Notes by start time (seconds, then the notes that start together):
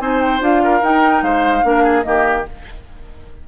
0.00 C4 D#4 C5 G#5
0.21 G5
0.40 D4 F4 F5
0.64 A#4
0.82 D#4 G5
1.22 G#3 C5 F5
1.63 A#3 D4 A#4
1.83 G#4
2.03 D#3 A#3 G4 D#5